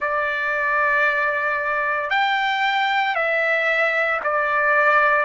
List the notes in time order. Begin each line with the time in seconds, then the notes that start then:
0.00 D5
2.10 G5
3.15 E5
4.23 D5